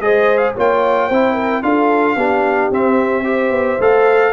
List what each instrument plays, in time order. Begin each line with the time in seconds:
0.00 tuba G#3, trombone G#4, horn C5, trumpet D#5
0.38 trumpet F5
0.54 tuba A#3, trombone F4, horn C#5, trumpet G5
1.08 tuba C4, trombone E4, horn C5
1.34 horn A#4
1.63 tuba D4, trombone F4, horn A4, trumpet F5
2.16 tuba B3, trombone D4, horn G4
2.70 tuba C4, trombone C4, trumpet E5
3.24 trombone G4, horn C5
3.51 tuba B3
3.80 tuba A3, trombone A4, trumpet F5